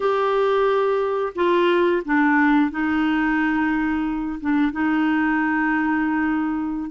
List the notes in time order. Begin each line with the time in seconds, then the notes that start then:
0.00 G4
1.35 F4
2.05 D4
2.71 D#4
4.40 D4
4.72 D#4